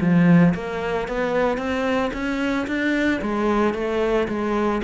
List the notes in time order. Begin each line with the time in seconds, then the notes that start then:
0.00 F3
0.54 A#3
1.08 B3
1.58 C4
2.13 C#4
2.67 D4
3.21 G#3
3.74 A3
4.28 G#3